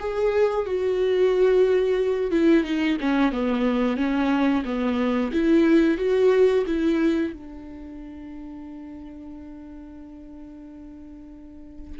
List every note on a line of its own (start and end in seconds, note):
0.00 0.66 G#4
0.66 2.32 F#4
2.32 2.64 E4
2.64 2.98 D#4
3.01 3.32 C#4
3.32 3.97 B3
3.97 4.64 C#4
4.65 5.32 B3
5.33 5.98 E4
5.98 6.65 F#4
6.67 7.33 E4
7.34 12.00 D4